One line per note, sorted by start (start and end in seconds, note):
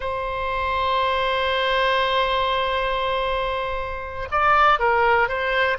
0.00 4.28 C5
4.31 4.79 D5
4.79 5.28 A#4
5.28 5.77 C5